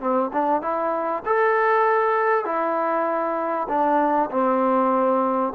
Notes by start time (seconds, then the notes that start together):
0.00 C4
0.33 D4
0.62 E4
1.25 A4
2.45 E4
3.69 D4
4.30 C4